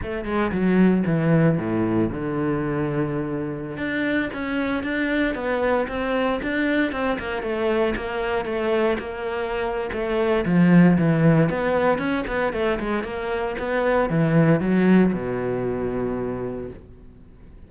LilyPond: \new Staff \with { instrumentName = "cello" } { \time 4/4 \tempo 4 = 115 a8 gis8 fis4 e4 a,4 | d2.~ d16 d'8.~ | d'16 cis'4 d'4 b4 c'8.~ | c'16 d'4 c'8 ais8 a4 ais8.~ |
ais16 a4 ais4.~ ais16 a4 | f4 e4 b4 cis'8 b8 | a8 gis8 ais4 b4 e4 | fis4 b,2. | }